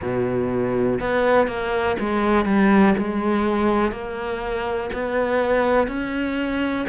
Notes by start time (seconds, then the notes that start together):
0.01 B2
1.00 B3
1.47 A#3
1.99 G#3
2.45 G3
2.98 G#3
3.91 A#3
4.93 B3
5.87 C#4